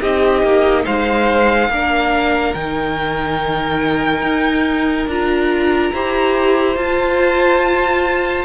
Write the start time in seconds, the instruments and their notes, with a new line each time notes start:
0.00 cello C4, viola D#4, violin G4 D#5
0.42 cello A#3
0.85 cello G#3, violin C5 F5
1.69 cello A#3, viola D4, violin A#4
2.54 cello D#3, viola D#4, violin G5
4.22 cello D#4
5.07 cello D4, viola F4, violin A#5
5.92 cello E4, viola G4, violin C5
6.76 cello F4, viola F4, violin A5